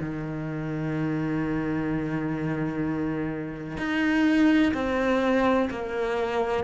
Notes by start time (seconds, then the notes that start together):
0.00 D#3
3.77 D#4
4.74 C4
5.70 A#3